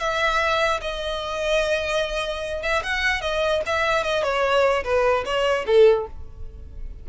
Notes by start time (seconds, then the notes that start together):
0.00 E5
0.81 D#5
2.62 E5
2.83 F#5
3.21 D#5
3.66 E5
4.04 D#5
4.24 C#5
4.84 B4
5.25 C#5
5.67 A4